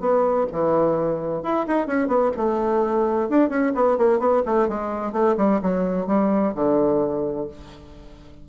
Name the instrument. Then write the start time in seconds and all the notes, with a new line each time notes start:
bassoon
0.00 B3
0.52 E3
1.43 E4
1.67 D#4
1.87 C#4
2.08 B3
2.37 A3
3.29 D4
3.49 C#4
3.75 B3
3.97 A#3
4.19 B3
4.46 A3
4.68 G#3
5.12 A3
5.37 G3
5.62 F#3
6.07 G3
6.55 D3